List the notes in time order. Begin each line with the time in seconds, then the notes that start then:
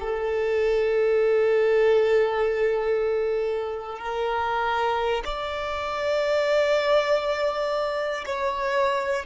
0.00 A4
3.99 A#4
5.25 D5
8.26 C#5